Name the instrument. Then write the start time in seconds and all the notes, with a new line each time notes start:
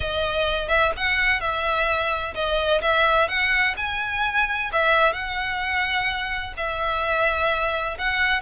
violin
0.00 D#5
0.68 E5
0.96 F#5
1.40 E5
2.34 D#5
2.81 E5
3.28 F#5
3.76 G#5
4.72 E5
5.13 F#5
6.56 E5
7.98 F#5